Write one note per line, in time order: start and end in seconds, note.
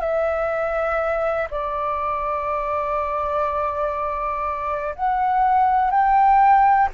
0.00 1.48 E5
1.50 4.94 D5
4.95 5.90 F#5
5.90 6.89 G5